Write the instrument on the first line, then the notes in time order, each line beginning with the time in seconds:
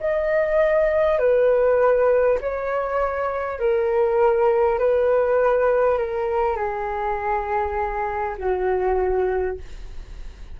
flute
0.00 D#5
1.18 B4
2.41 C#5
3.59 A#4
4.78 B4
5.98 A#4
6.56 G#4
8.38 F#4